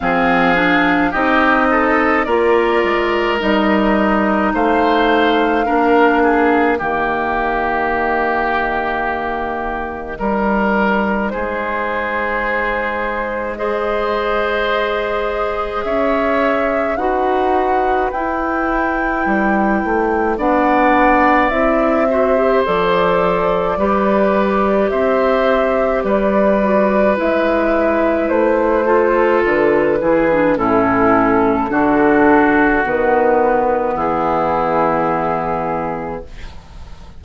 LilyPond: <<
  \new Staff \with { instrumentName = "flute" } { \time 4/4 \tempo 4 = 53 f''4 dis''4 d''4 dis''4 | f''2 dis''2~ | dis''2 c''2 | dis''2 e''4 fis''4 |
g''2 fis''4 e''4 | d''2 e''4 d''4 | e''4 c''4 b'4 a'4~ | a'4 b'4 gis'2 | }
  \new Staff \with { instrumentName = "oboe" } { \time 4/4 gis'4 g'8 a'8 ais'2 | c''4 ais'8 gis'8 g'2~ | g'4 ais'4 gis'2 | c''2 cis''4 b'4~ |
b'2 d''4. c''8~ | c''4 b'4 c''4 b'4~ | b'4. a'4 gis'8 e'4 | fis'2 e'2 | }
  \new Staff \with { instrumentName = "clarinet" } { \time 4/4 c'8 d'8 dis'4 f'4 dis'4~ | dis'4 d'4 ais2~ | ais4 dis'2. | gis'2. fis'4 |
e'2 d'4 e'8 fis'16 g'16 | a'4 g'2~ g'8 fis'8 | e'4. f'4 e'16 d'16 cis'4 | d'4 b2. | }
  \new Staff \with { instrumentName = "bassoon" } { \time 4/4 f4 c'4 ais8 gis8 g4 | a4 ais4 dis2~ | dis4 g4 gis2~ | gis2 cis'4 dis'4 |
e'4 g8 a8 b4 c'4 | f4 g4 c'4 g4 | gis4 a4 d8 e8 a,4 | d4 dis4 e2 | }
>>